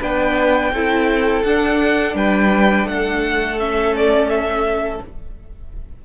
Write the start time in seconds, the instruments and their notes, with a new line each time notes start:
0.00 cello B3, viola D4, violin B4 G5
0.72 cello C4, viola E4, violin A4
1.44 cello D4, viola D4, violin F#5
2.15 cello G3, violin B4 G5
2.85 cello A3, violin A4 F#5
3.59 viola C#4, violin E5
3.97 violin D5
4.30 violin E5